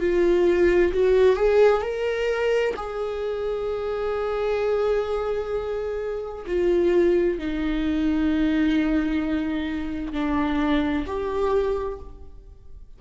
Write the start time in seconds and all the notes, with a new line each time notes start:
0.00 F4
0.93 F#4
1.36 G#4
1.82 A#4
2.76 G#4
6.47 F4
7.39 D#4
10.13 D4
11.06 G4